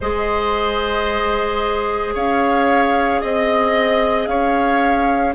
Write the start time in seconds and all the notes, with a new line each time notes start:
0.00 G#3 G#4 C5 D#5
2.14 C#4 C#5 F5
3.21 C4 D#5
4.26 C#4 C#5 F5